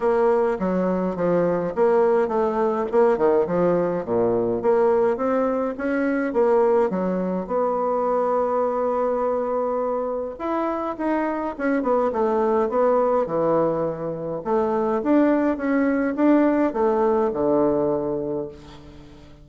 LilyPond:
\new Staff \with { instrumentName = "bassoon" } { \time 4/4 \tempo 4 = 104 ais4 fis4 f4 ais4 | a4 ais8 dis8 f4 ais,4 | ais4 c'4 cis'4 ais4 | fis4 b2.~ |
b2 e'4 dis'4 | cis'8 b8 a4 b4 e4~ | e4 a4 d'4 cis'4 | d'4 a4 d2 | }